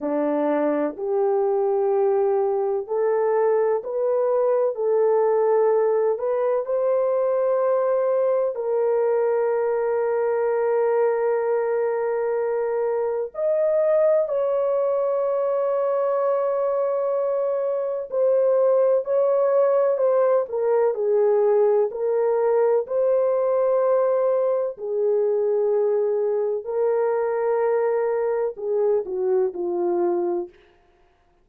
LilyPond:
\new Staff \with { instrumentName = "horn" } { \time 4/4 \tempo 4 = 63 d'4 g'2 a'4 | b'4 a'4. b'8 c''4~ | c''4 ais'2.~ | ais'2 dis''4 cis''4~ |
cis''2. c''4 | cis''4 c''8 ais'8 gis'4 ais'4 | c''2 gis'2 | ais'2 gis'8 fis'8 f'4 | }